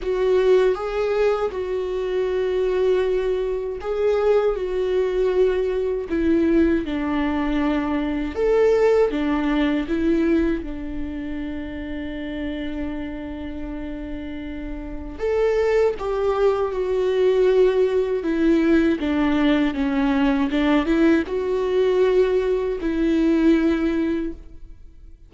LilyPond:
\new Staff \with { instrumentName = "viola" } { \time 4/4 \tempo 4 = 79 fis'4 gis'4 fis'2~ | fis'4 gis'4 fis'2 | e'4 d'2 a'4 | d'4 e'4 d'2~ |
d'1 | a'4 g'4 fis'2 | e'4 d'4 cis'4 d'8 e'8 | fis'2 e'2 | }